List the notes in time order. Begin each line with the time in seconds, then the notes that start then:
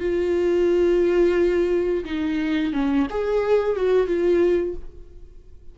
0.00 F4
2.05 D#4
2.73 C#4
3.10 G#4
3.76 F#4
4.07 F4